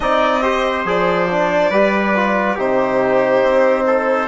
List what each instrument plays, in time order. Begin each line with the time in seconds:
0.00 bassoon C4, trombone D#4, trumpet D5, violin D#5
0.42 trombone G4, trumpet C5
0.84 bassoon F3, trombone G#4, violin D5
1.30 trombone D4
1.70 bassoon G3, trombone G4, trumpet B4
2.15 trombone F4
2.55 bassoon C3, trombone D#4, trumpet G4, violin C5
3.42 bassoon C4
3.86 trumpet A4